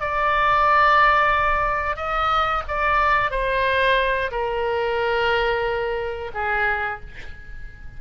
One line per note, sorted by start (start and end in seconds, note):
0.00 1.96 D5
1.96 2.63 D#5
2.68 3.31 D5
3.31 4.31 C5
4.31 6.31 A#4
6.34 7.00 G#4